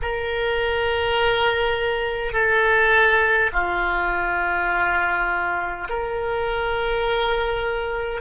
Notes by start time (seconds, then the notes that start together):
0.02 A#4
2.32 A4
3.52 F4
5.89 A#4